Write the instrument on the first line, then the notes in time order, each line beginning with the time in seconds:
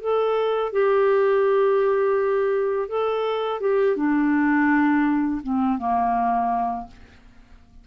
clarinet
0.00 A4
0.72 G4
2.88 A4
3.60 G4
3.96 D4
5.42 C4
5.78 A#3